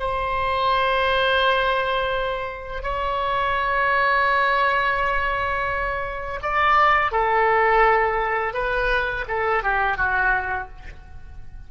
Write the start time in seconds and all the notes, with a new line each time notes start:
0.00 C5
2.83 C#5
6.43 D5
7.12 A4
8.54 B4
9.29 A4
9.64 G4
9.97 F#4